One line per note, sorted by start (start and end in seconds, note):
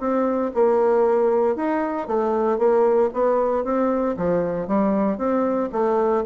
0.00 0.52 C4
0.55 1.56 A#3
1.56 2.08 D#4
2.08 2.58 A3
2.58 3.10 A#3
3.14 3.64 B3
3.64 4.16 C4
4.17 4.68 F3
4.68 5.18 G3
5.18 5.70 C4
5.72 6.24 A3